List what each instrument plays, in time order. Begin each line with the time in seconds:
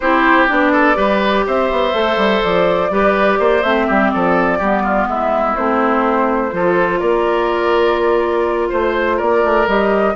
0.00 bassoon C4, clarinet E4, oboe G4, flute C5
0.48 bassoon B3, clarinet D4, flute D5
0.72 oboe A4
0.94 bassoon G3, clarinet G4, oboe B4
1.46 bassoon C4, oboe C5, flute E5
1.71 bassoon B3
1.93 bassoon A3, clarinet A4
2.16 bassoon G3
2.43 bassoon F3, flute D5
2.90 bassoon G3, clarinet G4, oboe B4
3.39 bassoon A#3, oboe C5
3.62 bassoon A3, clarinet C4, flute E5
3.86 bassoon G3, oboe G4
4.10 bassoon F3, oboe A4, flute D5
4.58 bassoon G3, clarinet B3, oboe G4
4.83 oboe F4
5.07 bassoon G#3, oboe E4, flute E5
5.56 bassoon A3, clarinet C4, flute C5
6.51 bassoon F3, clarinet F4, oboe A4
6.99 bassoon A#3, oboe A#4, flute D5
8.69 bassoon A3, oboe C5, flute C5
9.16 bassoon A#3, oboe A#4, flute D5
9.43 bassoon A3
9.67 bassoon G3, clarinet G4, flute D#5